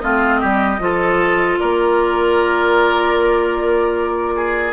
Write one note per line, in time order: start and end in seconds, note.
0.00 0.43 A3
0.00 0.79 C4
0.00 0.41 F4
0.00 1.58 D#5
0.41 0.80 G3
0.41 0.80 G4
0.79 1.59 F3
0.79 4.73 F4
0.79 1.60 A4
1.60 4.73 A#3
1.60 4.36 A#4
1.60 4.73 D5
4.37 4.73 G#4